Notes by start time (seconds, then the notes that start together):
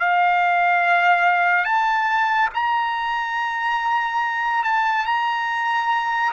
0.00 F5
1.65 A5
2.55 A#5
4.64 A5
5.06 A#5